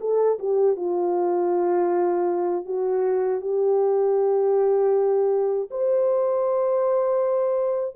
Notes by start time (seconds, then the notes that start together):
0.00 A4
0.39 G4
0.76 F4
2.65 F#4
3.41 G4
5.70 C5